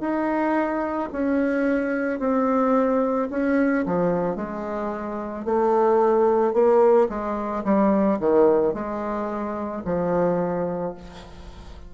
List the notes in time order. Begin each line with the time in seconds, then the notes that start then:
0.00 D#4
1.13 C#4
2.20 C4
3.30 C#4
3.86 F3
4.36 G#3
5.45 A3
6.53 A#3
7.09 G#3
7.65 G3
8.20 D#3
8.74 G#3
9.85 F3